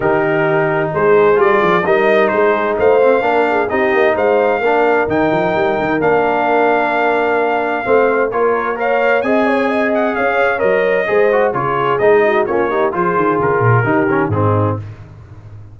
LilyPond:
<<
  \new Staff \with { instrumentName = "trumpet" } { \time 4/4 \tempo 4 = 130 ais'2 c''4 d''4 | dis''4 c''4 f''2 | dis''4 f''2 g''4~ | g''4 f''2.~ |
f''2 cis''4 f''4 | gis''4. fis''8 f''4 dis''4~ | dis''4 cis''4 dis''4 cis''4 | c''4 ais'2 gis'4 | }
  \new Staff \with { instrumentName = "horn" } { \time 4/4 g'2 gis'2 | ais'4 gis'4 c''4 ais'8 gis'8 | g'4 c''4 ais'2~ | ais'1~ |
ais'4 c''4 ais'4 cis''4 | dis''8 cis''8 dis''4 cis''2 | c''4 gis'4. fis'8 f'8 g'8 | gis'2 g'4 dis'4 | }
  \new Staff \with { instrumentName = "trombone" } { \time 4/4 dis'2. f'4 | dis'2~ dis'8 c'8 d'4 | dis'2 d'4 dis'4~ | dis'4 d'2.~ |
d'4 c'4 f'4 ais'4 | gis'2. ais'4 | gis'8 fis'8 f'4 dis'4 cis'8 dis'8 | f'2 dis'8 cis'8 c'4 | }
  \new Staff \with { instrumentName = "tuba" } { \time 4/4 dis2 gis4 g8 f8 | g4 gis4 a4 ais4 | c'8 ais8 gis4 ais4 dis8 f8 | g8 dis8 ais2.~ |
ais4 a4 ais2 | c'2 cis'4 fis4 | gis4 cis4 gis4 ais4 | f8 dis8 cis8 ais,8 dis4 gis,4 | }
>>